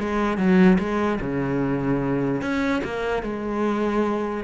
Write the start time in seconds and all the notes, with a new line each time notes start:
0.00 G#3
0.38 F#3
0.79 G#3
1.21 C#3
2.42 C#4
2.85 A#3
3.23 G#3